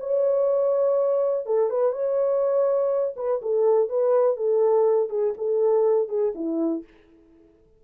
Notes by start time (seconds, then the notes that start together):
0.00 C#5
1.46 A4
1.70 B4
1.92 C#5
3.16 B4
3.42 A4
3.89 B4
4.37 A4
5.10 G#4
5.37 A4
6.09 G#4
6.35 E4